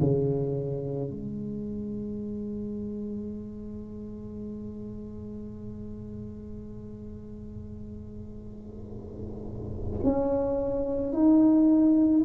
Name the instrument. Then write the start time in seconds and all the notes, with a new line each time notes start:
tuba
0.00 C#3
1.10 G#3
10.04 C#4
11.13 D#4